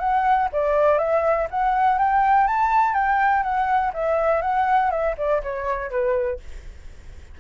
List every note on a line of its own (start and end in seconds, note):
0.00 0.49 F#5
0.53 0.99 D5
0.99 1.48 E5
1.51 1.99 F#5
1.99 2.47 G5
2.47 2.94 A5
2.94 3.43 G5
3.43 3.92 F#5
3.94 4.42 E5
4.42 4.91 F#5
4.91 5.15 E5
5.18 5.42 D5
5.43 5.91 C#5
5.91 6.40 B4